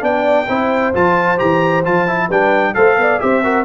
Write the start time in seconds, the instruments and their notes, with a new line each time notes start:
0.00 tuba B3, trombone D4, horn D5, trumpet G5
0.48 tuba C4, trombone E4, horn C5
0.94 tuba F3, trombone F4, trumpet A5
1.38 tuba E3, trombone G4, trumpet A#5
1.85 tuba F3, trombone F4, trumpet A5
2.07 trombone E4
2.28 tuba G3, trombone D4, horn B4, trumpet G5
2.74 tuba A3, trombone A4, horn C5, trumpet F5
2.97 tuba B3, horn D5
3.19 tuba C4, trombone G4, horn C5, trumpet E5
3.43 trombone F#4, horn A#4